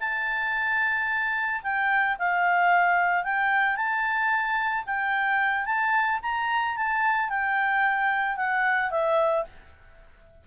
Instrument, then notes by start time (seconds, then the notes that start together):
clarinet
0.00 A5
1.63 G5
2.19 F5
3.24 G5
3.76 A5
4.86 G5
5.66 A5
6.23 A#5
6.77 A5
7.30 G5
8.37 F#5
8.91 E5